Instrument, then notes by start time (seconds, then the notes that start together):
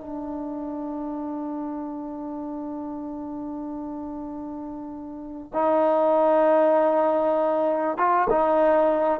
trombone
0.00 D4
5.53 D#4
7.97 F4
8.30 D#4